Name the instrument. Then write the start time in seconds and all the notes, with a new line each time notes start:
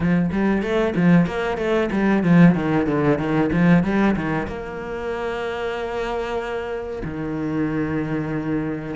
cello
0.00 F3
0.32 G3
0.62 A3
0.95 F3
1.26 A#3
1.57 A3
1.91 G3
2.23 F3
2.54 D#3
2.86 D3
3.18 D#3
3.52 F3
3.83 G3
4.15 D#3
4.47 A#3
7.04 D#3